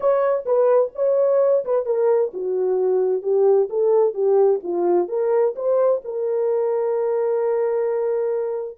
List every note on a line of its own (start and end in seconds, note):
0.00 0.44 C#5
0.45 0.91 B4
0.95 1.64 C#5
1.64 1.85 B4
1.85 2.32 A#4
2.33 3.22 F#4
3.22 3.68 G4
3.69 4.14 A4
4.14 4.60 G4
4.63 5.08 F4
5.08 5.54 A#4
5.55 6.01 C5
6.04 8.78 A#4